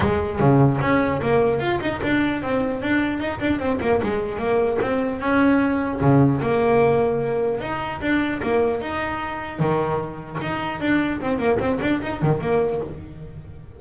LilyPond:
\new Staff \with { instrumentName = "double bass" } { \time 4/4 \tempo 4 = 150 gis4 cis4 cis'4 ais4 | f'8 dis'8 d'4 c'4 d'4 | dis'8 d'8 c'8 ais8 gis4 ais4 | c'4 cis'2 cis4 |
ais2. dis'4 | d'4 ais4 dis'2 | dis2 dis'4 d'4 | c'8 ais8 c'8 d'8 dis'8 dis8 ais4 | }